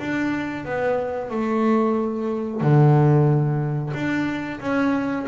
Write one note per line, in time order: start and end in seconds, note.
0.00 0.65 D4
0.65 1.31 B3
1.31 2.61 A3
2.61 3.93 D3
3.94 4.60 D4
4.60 5.26 C#4